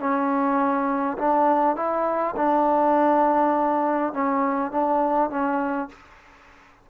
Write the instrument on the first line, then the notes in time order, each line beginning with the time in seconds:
trombone
0.00 C#4
1.18 D4
1.76 E4
2.37 D4
4.14 C#4
4.71 D4
5.30 C#4